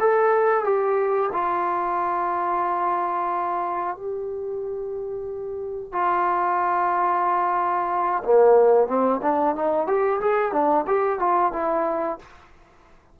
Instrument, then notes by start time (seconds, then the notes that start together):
trombone
0.00 A4
0.64 G4
1.33 F4
3.97 G4
5.93 F4
8.24 A#3
8.88 C4
9.22 D4
9.56 D#4
9.87 G4
10.21 G#4
10.52 D4
10.87 G4
11.20 F4
11.53 E4